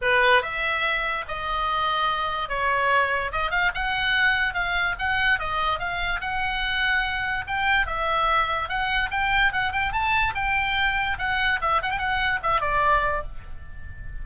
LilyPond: \new Staff \with { instrumentName = "oboe" } { \time 4/4 \tempo 4 = 145 b'4 e''2 dis''4~ | dis''2 cis''2 | dis''8 f''8 fis''2 f''4 | fis''4 dis''4 f''4 fis''4~ |
fis''2 g''4 e''4~ | e''4 fis''4 g''4 fis''8 g''8 | a''4 g''2 fis''4 | e''8 fis''16 g''16 fis''4 e''8 d''4. | }